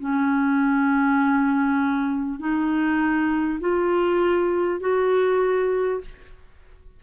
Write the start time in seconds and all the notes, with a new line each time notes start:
0.00 C#4
2.39 D#4
3.60 F4
4.81 F#4